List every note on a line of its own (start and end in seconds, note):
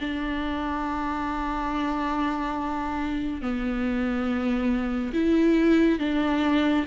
0.00 3.41 D4
3.41 5.12 B3
5.13 5.99 E4
5.99 6.85 D4